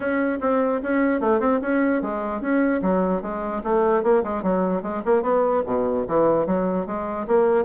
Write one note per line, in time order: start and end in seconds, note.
0.00 0.38 C#4
0.40 0.81 C4
0.82 1.20 C#4
1.20 1.40 A3
1.40 1.60 C4
1.61 2.01 C#4
2.01 2.41 G#3
2.41 2.81 C#4
2.82 3.21 F#3
3.21 3.62 G#3
3.63 4.03 A3
4.03 4.23 A#3
4.23 4.42 G#3
4.42 4.82 F#3
4.82 5.02 G#3
5.05 5.22 A#3
5.22 5.62 B3
5.66 6.06 B2
6.07 6.46 E3
6.46 6.86 F#3
6.86 7.26 G#3
7.27 7.64 A#3